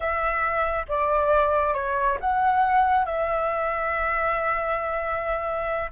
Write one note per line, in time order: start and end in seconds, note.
0.00 0.85 E5
0.88 1.74 D5
1.74 2.18 C#5
2.20 3.05 F#5
3.05 5.90 E5